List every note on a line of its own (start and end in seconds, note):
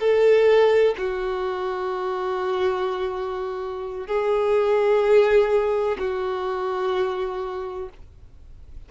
0.00 0.95 A4
0.98 4.07 F#4
4.07 5.98 G#4
5.99 7.89 F#4